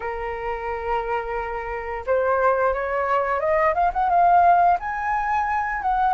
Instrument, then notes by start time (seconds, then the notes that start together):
flute
0.00 A#4
2.06 C5
2.73 C#5
3.39 D#5
3.74 F5
3.93 F#5
4.09 F5
4.79 G#5
5.82 F#5